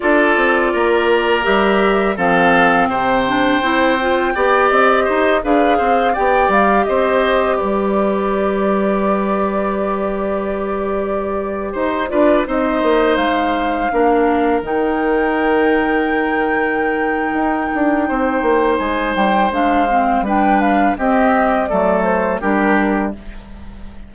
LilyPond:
<<
  \new Staff \with { instrumentName = "flute" } { \time 4/4 \tempo 4 = 83 d''2 e''4 f''4 | g''2~ g''8 dis''4 f''8~ | f''8 g''8 f''8 dis''4 d''4.~ | d''1~ |
d''16 c''8 d''8 dis''4 f''4.~ f''16~ | f''16 g''2.~ g''8.~ | g''2 gis''8 g''8 f''4 | g''8 f''8 dis''4 d''8 c''8 ais'4 | }
  \new Staff \with { instrumentName = "oboe" } { \time 4/4 a'4 ais'2 a'4 | c''2 d''4 c''8 b'8 | c''8 d''4 c''4 b'4.~ | b'1~ |
b'16 c''8 b'8 c''2 ais'8.~ | ais'1~ | ais'4 c''2. | b'4 g'4 a'4 g'4 | }
  \new Staff \with { instrumentName = "clarinet" } { \time 4/4 f'2 g'4 c'4~ | c'8 d'8 e'8 f'8 g'4. gis'8~ | gis'8 g'2.~ g'8~ | g'1~ |
g'8. f'8 dis'2 d'8.~ | d'16 dis'2.~ dis'8.~ | dis'2. d'8 c'8 | d'4 c'4 a4 d'4 | }
  \new Staff \with { instrumentName = "bassoon" } { \time 4/4 d'8 c'8 ais4 g4 f4 | c4 c'4 b8 c'8 dis'8 d'8 | c'8 b8 g8 c'4 g4.~ | g1~ |
g16 dis'8 d'8 c'8 ais8 gis4 ais8.~ | ais16 dis2.~ dis8. | dis'8 d'8 c'8 ais8 gis8 g8 gis4 | g4 c'4 fis4 g4 | }
>>